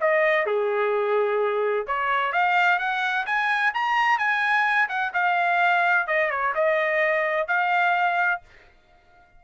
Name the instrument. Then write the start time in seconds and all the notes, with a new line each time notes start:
trumpet
0.00 D#5
0.46 G#4
1.87 C#5
2.32 F5
2.78 F#5
3.26 G#5
3.74 A#5
4.18 G#5
4.89 F#5
5.13 F5
6.07 D#5
6.30 C#5
6.54 D#5
7.47 F5